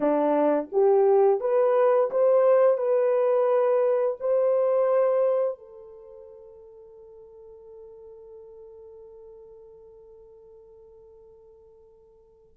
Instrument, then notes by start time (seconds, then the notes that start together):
horn
0.00 D4
0.72 G4
1.40 B4
2.10 C5
2.77 B4
4.20 C5
5.58 A4